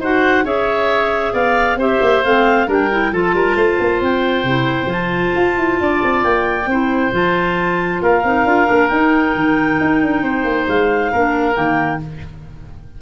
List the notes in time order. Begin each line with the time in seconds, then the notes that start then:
0.00 D#4 F#4 C5 F#5
0.45 C#4 G#4 C#5 E5
1.33 B3 D5 F5
1.76 C4 G4 C5 E5
2.02 A#3
2.24 A3 C4 F5
2.67 G3 D4 A#4 G5
2.91 E4
3.13 F3 F4 A4 A5
3.34 G3 A#4
3.56 A3 C5
3.80 A#3
4.01 C4 G5
4.44 C3 E4
4.82 F3 C4 F4
4.92 A5
5.36 F4
5.58 E4
5.81 D4 D5
6.04 C4
6.23 A#3 G5
6.67 C4 E4 C5
7.12 F3 F4 A5
8.02 A#3 A#4 F5
8.24 C4 D#4
8.45 D4 F4
8.66 A#3 D4
8.89 D#4 G5
9.36 D#3
9.81 D#4
10.03 D4
10.23 C4 C5
10.45 A#3
10.68 G#3 F5
11.12 A#3 D4 A#4
11.53 D#3 A#3 G5